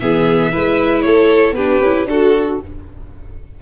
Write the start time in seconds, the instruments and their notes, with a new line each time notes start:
0.00 tuba E3, viola B3, violin G#4 E5
0.51 tuba G#3, viola E4, violin B4
1.02 tuba A3, violin A4 C#5
1.52 tuba B3, viola D4, violin G4 B4
1.81 tuba C#4, viola E4
2.06 tuba D4, viola F#4, violin F#4 A4